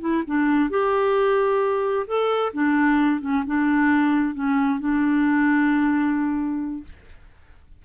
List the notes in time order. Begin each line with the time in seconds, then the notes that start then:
0.00 E4
0.26 D4
0.69 G4
2.07 A4
2.53 D4
3.20 C#4
3.46 D4
4.34 C#4
4.79 D4